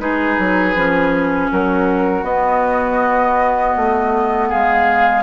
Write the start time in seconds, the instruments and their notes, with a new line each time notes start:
0.00 bassoon G#3, clarinet D#4, oboe G#4, flute B4
0.39 bassoon F#3
0.76 bassoon F3, clarinet C#4
1.52 bassoon F#3, oboe F#4, flute A#4
2.23 bassoon B3, clarinet B3, flute D#5
3.77 bassoon A3
4.49 bassoon G#3, oboe G#4, flute F5